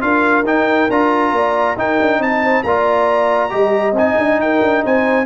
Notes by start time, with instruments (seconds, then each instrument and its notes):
0.00 tuba D4, trombone F4, horn A#4, trumpet F5
0.43 tuba D#4, trombone D#4, trumpet G5
0.90 tuba D4, trombone F4, trumpet A#5
1.32 tuba A#3, horn D5
1.77 trombone D#4, tuba D#4, horn A#4, trumpet G5
2.00 tuba D4
2.18 tuba C4, horn D#5, trumpet A5
2.43 horn C5
2.63 tuba A#3, trombone F4, horn D5, trumpet A#5
3.50 tuba G3, trombone G4, horn D#5
3.92 tuba C4, trombone D#4, trumpet G#5
4.18 tuba D4
4.39 tuba D#4, horn A#4, trumpet G5
4.61 tuba D4
4.83 tuba C4, horn C5, trumpet G#5